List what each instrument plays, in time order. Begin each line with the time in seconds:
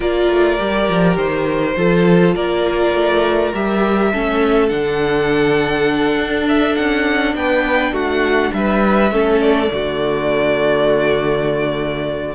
0.00 cello A#3, viola F4, violin A#4 D5
0.29 cello A3
0.57 cello G3, viola G4
0.89 cello F3
1.16 cello D#3, violin C5
1.76 cello F3, viola F4, violin A4
2.35 cello A#3, violin A#4 D5
2.94 cello A3
3.53 cello G3, viola G4, violin E5
4.12 cello A3, viola C#4, violin A4
4.69 cello D3, viola D4, violin F#5
6.17 cello D4
6.48 violin E5
6.75 cello C#4, violin F#5
7.34 cello B3, violin B4 G5
7.92 cello A3, violin F#4 F#5
8.53 cello G3, violin B4 E5
9.11 cello A3, viola C#4, violin A4
9.41 violin D5
9.67 cello D3, viola A3, violin F#4